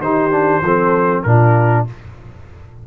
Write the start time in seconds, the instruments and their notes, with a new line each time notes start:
0.00 tuba D#3, trombone D#4, horn G4, trumpet C5
0.32 trombone D4
0.62 tuba F3, trombone C4, horn A4
1.23 tuba A#2, trombone D4, horn F4, trumpet A#4